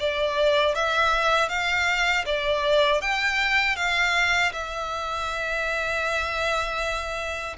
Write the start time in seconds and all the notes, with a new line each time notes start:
0.00 D5
0.75 E5
1.49 F5
2.26 D5
3.02 G5
3.76 F5
4.53 E5